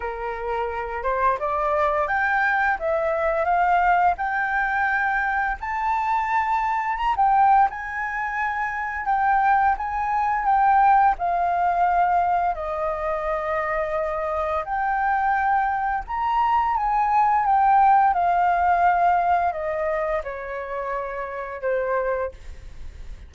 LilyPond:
\new Staff \with { instrumentName = "flute" } { \time 4/4 \tempo 4 = 86 ais'4. c''8 d''4 g''4 | e''4 f''4 g''2 | a''2 ais''16 g''8. gis''4~ | gis''4 g''4 gis''4 g''4 |
f''2 dis''2~ | dis''4 g''2 ais''4 | gis''4 g''4 f''2 | dis''4 cis''2 c''4 | }